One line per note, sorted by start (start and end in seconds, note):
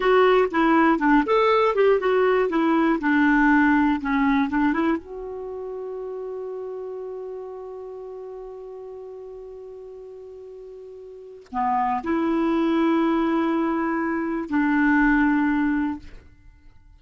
0.00 0.48 F#4
0.51 0.98 E4
0.98 1.23 D4
1.26 1.75 A4
1.75 2.00 G4
2.00 2.49 F#4
2.49 2.99 E4
3.00 4.00 D4
4.00 4.49 C#4
4.49 4.73 D4
4.73 4.97 E4
4.97 11.47 F#4
11.52 12.02 B3
12.03 14.49 E4
14.49 15.99 D4